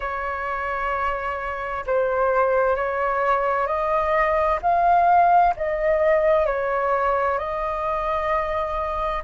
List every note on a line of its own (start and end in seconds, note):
0.00 1.85 C#5
1.86 2.76 C5
2.76 3.67 C#5
3.67 4.59 D#5
4.62 5.54 F5
5.56 6.46 D#5
6.46 7.38 C#5
7.38 9.23 D#5